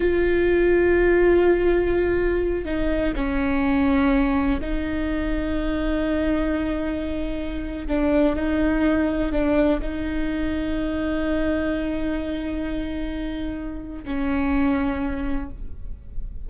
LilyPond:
\new Staff \with { instrumentName = "viola" } { \time 4/4 \tempo 4 = 124 f'1~ | f'4. dis'4 cis'4.~ | cis'4. dis'2~ dis'8~ | dis'1~ |
dis'16 d'4 dis'2 d'8.~ | d'16 dis'2.~ dis'8.~ | dis'1~ | dis'4 cis'2. | }